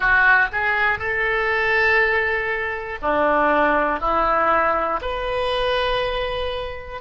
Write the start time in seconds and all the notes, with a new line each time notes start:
0.00 F#4
0.52 G#4
0.99 A4
3.02 D4
4.00 E4
5.01 B4